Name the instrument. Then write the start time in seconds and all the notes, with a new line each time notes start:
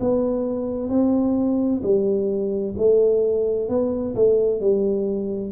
tuba
0.00 B3
0.89 C4
1.83 G3
2.77 A3
3.68 B3
4.15 A3
4.60 G3